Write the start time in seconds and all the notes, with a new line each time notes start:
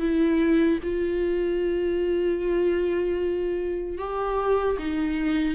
0.00 E4
0.84 F4
3.98 G4
4.79 D#4